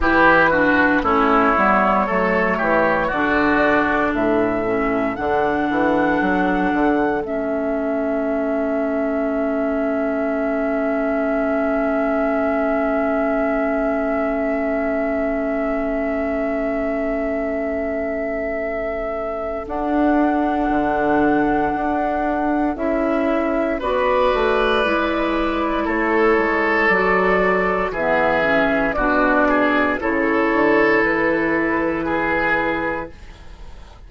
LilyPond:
<<
  \new Staff \with { instrumentName = "flute" } { \time 4/4 \tempo 4 = 58 b'4 cis''2 d''4 | e''4 fis''2 e''4~ | e''1~ | e''1~ |
e''2. fis''4~ | fis''2 e''4 d''4~ | d''4 cis''4 d''4 e''4 | d''4 cis''4 b'2 | }
  \new Staff \with { instrumentName = "oboe" } { \time 4/4 g'8 fis'8 e'4 a'8 g'8 fis'4 | a'1~ | a'1~ | a'1~ |
a'1~ | a'2. b'4~ | b'4 a'2 gis'4 | fis'8 gis'8 a'2 gis'4 | }
  \new Staff \with { instrumentName = "clarinet" } { \time 4/4 e'8 d'8 cis'8 b8 a4 d'4~ | d'8 cis'8 d'2 cis'4~ | cis'1~ | cis'1~ |
cis'2. d'4~ | d'2 e'4 fis'4 | e'2 fis'4 b8 cis'8 | d'4 e'2. | }
  \new Staff \with { instrumentName = "bassoon" } { \time 4/4 e4 a8 g8 fis8 e8 d4 | a,4 d8 e8 fis8 d8 a4~ | a1~ | a1~ |
a2. d'4 | d4 d'4 cis'4 b8 a8 | gis4 a8 gis8 fis4 e4 | b,4 cis8 d8 e2 | }
>>